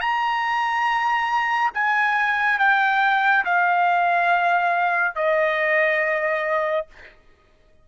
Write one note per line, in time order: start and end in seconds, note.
0.00 1.71 A#5
1.73 2.58 G#5
2.58 3.44 G5
3.44 5.15 F5
5.15 6.86 D#5